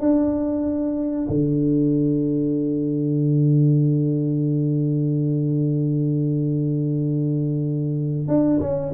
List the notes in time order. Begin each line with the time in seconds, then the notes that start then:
0.00 D4
1.29 D3
8.27 D4
8.60 C#4